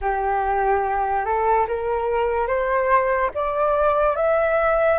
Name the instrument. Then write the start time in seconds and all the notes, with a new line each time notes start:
flute
0.01 G4
1.25 A4
1.67 A#4
2.47 C5
3.34 D5
4.16 E5